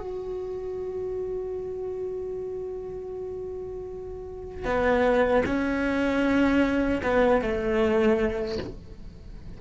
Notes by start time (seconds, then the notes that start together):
0.00 F#4
4.65 B3
5.46 C#4
7.03 B3
7.42 A3